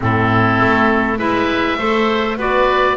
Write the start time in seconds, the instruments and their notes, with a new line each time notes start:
0.00 double bass A2, clarinet C4, oboe E4 A4
0.59 double bass A3
1.18 double bass G#3, clarinet E4, oboe B4 E5
1.78 double bass A3, clarinet A4, oboe C5
2.37 double bass B3, clarinet F#4, oboe B4 D5